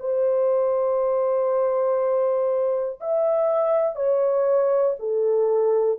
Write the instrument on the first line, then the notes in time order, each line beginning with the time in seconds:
horn
0.00 C5
3.01 E5
3.96 C#5
4.99 A4